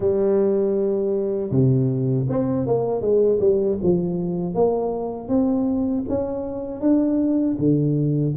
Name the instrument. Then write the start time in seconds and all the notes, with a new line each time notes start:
tuba
0.00 G3
1.51 C3
2.29 C4
2.66 A#3
3.01 G#3
3.40 G3
3.83 F3
4.54 A#3
5.28 C4
6.08 C#4
6.80 D4
7.58 D3